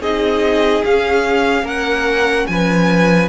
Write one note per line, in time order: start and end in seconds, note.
0.00 0.83 C4
0.00 0.84 D#4
0.00 1.64 G#4
0.00 0.84 D#5
0.84 1.62 C#4
0.84 3.29 C#4
0.84 1.66 F5
1.62 2.45 A#3
1.62 2.46 A#4
1.62 2.47 F#5
2.47 3.29 F3
2.47 3.29 B4
2.47 3.29 G#5